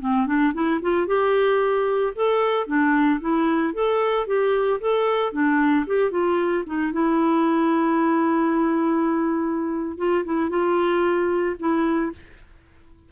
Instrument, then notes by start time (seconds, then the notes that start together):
clarinet
0.00 C4
0.27 D4
0.54 E4
0.82 F4
1.07 G4
2.15 A4
2.67 D4
3.21 E4
3.74 A4
4.27 G4
4.81 A4
5.33 D4
5.87 G4
6.11 F4
6.66 D#4
6.93 E4
9.98 F4
10.25 E4
10.50 F4
11.59 E4